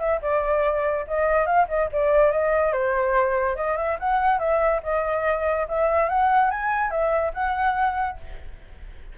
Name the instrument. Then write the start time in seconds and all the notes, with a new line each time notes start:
flute
0.00 E5
0.22 D5
1.08 D#5
1.47 F5
1.69 D#5
1.93 D5
2.32 D#5
2.73 C5
3.56 D#5
3.78 E5
4.00 F#5
4.40 E5
4.84 D#5
5.69 E5
6.10 F#5
6.51 G#5
6.91 E5
7.34 F#5